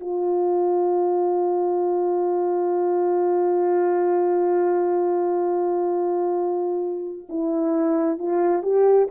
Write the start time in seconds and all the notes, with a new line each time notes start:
0.00 F4
7.29 E4
8.18 F4
8.62 G4